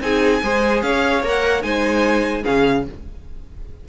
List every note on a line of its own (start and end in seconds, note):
0.00 0.41 C4
0.00 0.42 D#4
0.00 0.43 G#4
0.00 0.82 G#5
0.43 0.82 G#3
0.43 1.24 G#4
0.43 0.84 C5
0.82 1.23 C#4
0.82 1.64 C#5
0.82 1.22 F5
1.23 1.63 A#3
1.23 1.61 A#4
1.23 1.62 F#5
1.61 2.44 G#3
1.61 2.42 D#4
1.61 2.42 C5
1.61 2.43 G#5
2.42 2.88 C#3
2.42 2.84 C#4
2.42 2.83 G#4
2.42 2.85 F5